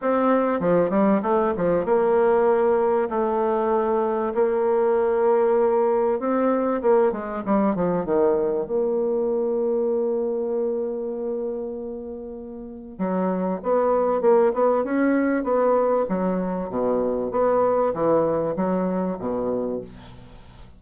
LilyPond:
\new Staff \with { instrumentName = "bassoon" } { \time 4/4 \tempo 4 = 97 c'4 f8 g8 a8 f8 ais4~ | ais4 a2 ais4~ | ais2 c'4 ais8 gis8 | g8 f8 dis4 ais2~ |
ais1~ | ais4 fis4 b4 ais8 b8 | cis'4 b4 fis4 b,4 | b4 e4 fis4 b,4 | }